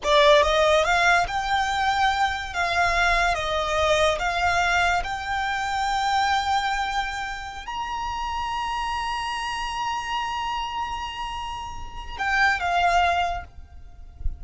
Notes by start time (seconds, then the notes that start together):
0.03 D5
0.42 D#5
0.84 F5
1.27 G5
2.53 F5
3.34 D#5
4.18 F5
5.03 G5
7.66 A#5
12.18 G5
12.60 F5